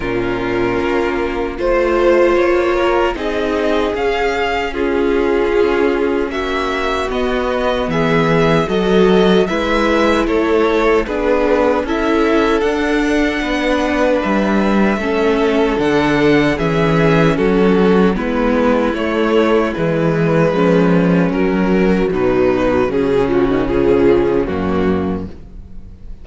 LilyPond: <<
  \new Staff \with { instrumentName = "violin" } { \time 4/4 \tempo 4 = 76 ais'2 c''4 cis''4 | dis''4 f''4 gis'2 | e''4 dis''4 e''4 dis''4 | e''4 cis''4 b'4 e''4 |
fis''2 e''2 | fis''4 e''4 a'4 b'4 | cis''4 b'2 ais'4 | b'4 gis'8 fis'8 gis'4 fis'4 | }
  \new Staff \with { instrumentName = "violin" } { \time 4/4 f'2 c''4. ais'8 | gis'2 f'2 | fis'2 gis'4 a'4 | b'4 a'4 gis'4 a'4~ |
a'4 b'2 a'4~ | a'4 gis'4 fis'4 e'4~ | e'2 cis'2 | dis'4 cis'2. | }
  \new Staff \with { instrumentName = "viola" } { \time 4/4 cis'2 f'2 | dis'4 cis'2.~ | cis'4 b2 fis'4 | e'2 d'4 e'4 |
d'2. cis'4 | d'4 cis'2 b4 | a4 gis2 fis4~ | fis4. f16 dis16 f4 ais4 | }
  \new Staff \with { instrumentName = "cello" } { \time 4/4 ais,4 ais4 a4 ais4 | c'4 cis'2. | ais4 b4 e4 fis4 | gis4 a4 b4 cis'4 |
d'4 b4 g4 a4 | d4 e4 fis4 gis4 | a4 e4 f4 fis4 | b,4 cis2 fis,4 | }
>>